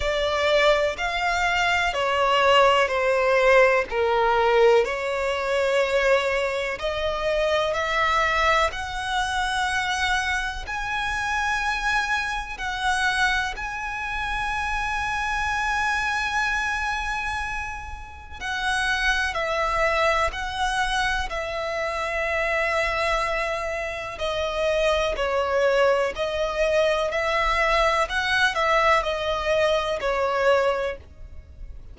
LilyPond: \new Staff \with { instrumentName = "violin" } { \time 4/4 \tempo 4 = 62 d''4 f''4 cis''4 c''4 | ais'4 cis''2 dis''4 | e''4 fis''2 gis''4~ | gis''4 fis''4 gis''2~ |
gis''2. fis''4 | e''4 fis''4 e''2~ | e''4 dis''4 cis''4 dis''4 | e''4 fis''8 e''8 dis''4 cis''4 | }